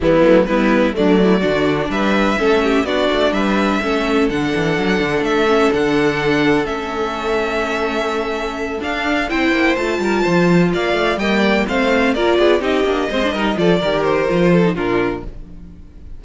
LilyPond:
<<
  \new Staff \with { instrumentName = "violin" } { \time 4/4 \tempo 4 = 126 e'4 b'4 d''2 | e''2 d''4 e''4~ | e''4 fis''2 e''4 | fis''2 e''2~ |
e''2~ e''8 f''4 g''8~ | g''8 a''2 f''4 g''8~ | g''8 f''4 d''4 dis''4.~ | dis''8 d''4 c''4. ais'4 | }
  \new Staff \with { instrumentName = "violin" } { \time 4/4 b4 e'4 d'8 e'8 fis'4 | b'4 a'8 g'8 fis'4 b'4 | a'1~ | a'1~ |
a'2.~ a'8 c''8~ | c''4 ais'8 c''4 d''4 dis''8 | d''8 c''4 ais'8 gis'8 g'4 c''8 | ais'8 a'8 ais'4. a'8 f'4 | }
  \new Staff \with { instrumentName = "viola" } { \time 4/4 g8 a8 b4 a4 d'4~ | d'4 cis'4 d'2 | cis'4 d'2~ d'8 cis'8 | d'2 cis'2~ |
cis'2~ cis'8 d'4 e'8~ | e'8 f'2. ais8~ | ais8 c'4 f'4 dis'8 d'8 c'16 d'16 | dis'8 f'8 g'4 f'8. dis'16 d'4 | }
  \new Staff \with { instrumentName = "cello" } { \time 4/4 e8 fis8 g4 fis4 d4 | g4 a4 b8 a8 g4 | a4 d8 e8 fis8 d8 a4 | d2 a2~ |
a2~ a8 d'4 c'8 | ais8 a8 g8 f4 ais8 a8 g8~ | g8 a4 ais8 b8 c'8 ais8 gis8 | g8 f8 dis4 f4 ais,4 | }
>>